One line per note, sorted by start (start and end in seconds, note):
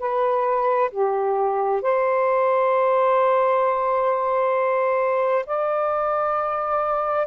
0.00 0.91 B4
0.91 1.82 G4
1.82 5.46 C5
5.47 7.28 D5